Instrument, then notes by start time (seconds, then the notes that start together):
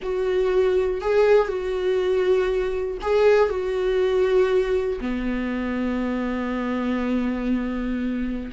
viola
0.02 F#4
1.01 G#4
1.47 F#4
3.01 G#4
3.49 F#4
5.00 B3